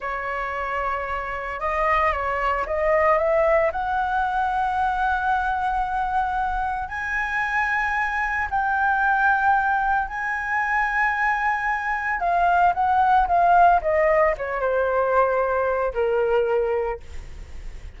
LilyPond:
\new Staff \with { instrumentName = "flute" } { \time 4/4 \tempo 4 = 113 cis''2. dis''4 | cis''4 dis''4 e''4 fis''4~ | fis''1~ | fis''4 gis''2. |
g''2. gis''4~ | gis''2. f''4 | fis''4 f''4 dis''4 cis''8 c''8~ | c''2 ais'2 | }